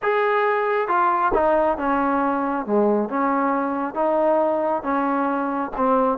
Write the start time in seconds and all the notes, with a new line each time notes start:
0.02 G#4
0.87 F4
1.34 D#4
1.77 C#4
2.66 G#3
3.09 C#4
3.94 D#4
4.82 C#4
5.77 C4